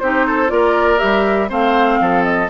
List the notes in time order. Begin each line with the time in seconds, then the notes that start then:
0.00 C4 D#4 G4 C5
0.27 A4
0.48 A#3 F4 A#4 D5
0.98 G3 G4 E5
1.49 A3 C4 C5 F5
2.00 F3 A4
2.24 D#5